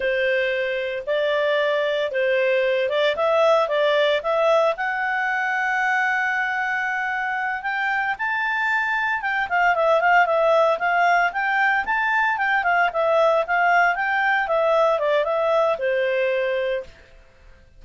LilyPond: \new Staff \with { instrumentName = "clarinet" } { \time 4/4 \tempo 4 = 114 c''2 d''2 | c''4. d''8 e''4 d''4 | e''4 fis''2.~ | fis''2~ fis''8 g''4 a''8~ |
a''4. g''8 f''8 e''8 f''8 e''8~ | e''8 f''4 g''4 a''4 g''8 | f''8 e''4 f''4 g''4 e''8~ | e''8 d''8 e''4 c''2 | }